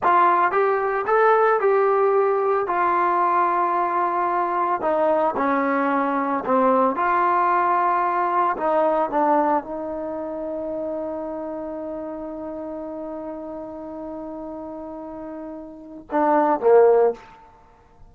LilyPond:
\new Staff \with { instrumentName = "trombone" } { \time 4/4 \tempo 4 = 112 f'4 g'4 a'4 g'4~ | g'4 f'2.~ | f'4 dis'4 cis'2 | c'4 f'2. |
dis'4 d'4 dis'2~ | dis'1~ | dis'1~ | dis'2 d'4 ais4 | }